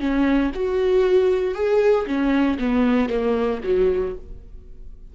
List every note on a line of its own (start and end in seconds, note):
0.00 0.52 C#4
0.55 1.55 F#4
1.55 2.06 G#4
2.07 2.58 C#4
2.59 3.09 B3
3.09 3.61 A#3
3.64 4.16 F#3